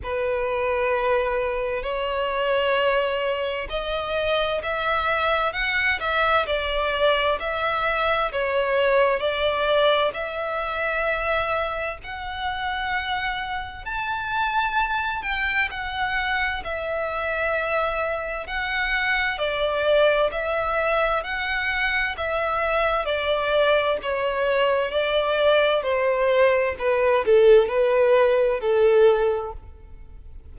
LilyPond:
\new Staff \with { instrumentName = "violin" } { \time 4/4 \tempo 4 = 65 b'2 cis''2 | dis''4 e''4 fis''8 e''8 d''4 | e''4 cis''4 d''4 e''4~ | e''4 fis''2 a''4~ |
a''8 g''8 fis''4 e''2 | fis''4 d''4 e''4 fis''4 | e''4 d''4 cis''4 d''4 | c''4 b'8 a'8 b'4 a'4 | }